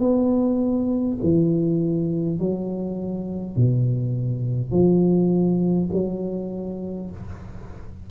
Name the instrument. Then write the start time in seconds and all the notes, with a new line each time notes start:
tuba
0.00 B3
1.23 E3
2.40 F#3
3.57 B2
4.72 F3
5.94 F#3